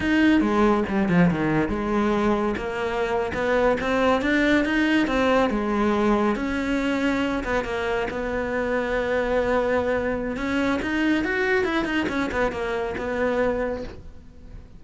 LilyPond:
\new Staff \with { instrumentName = "cello" } { \time 4/4 \tempo 4 = 139 dis'4 gis4 g8 f8 dis4 | gis2 ais4.~ ais16 b16~ | b8. c'4 d'4 dis'4 c'16~ | c'8. gis2 cis'4~ cis'16~ |
cis'4~ cis'16 b8 ais4 b4~ b16~ | b1 | cis'4 dis'4 fis'4 e'8 dis'8 | cis'8 b8 ais4 b2 | }